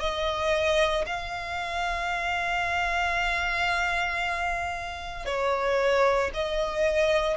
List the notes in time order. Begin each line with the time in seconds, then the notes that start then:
0.00 D#5
1.07 F5
5.26 C#5
6.34 D#5